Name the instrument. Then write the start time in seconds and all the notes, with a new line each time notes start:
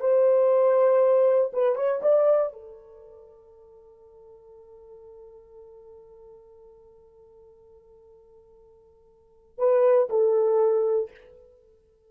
horn
0.00 C5
1.53 B4
1.75 C#5
2.02 D5
2.52 A4
9.58 B4
10.10 A4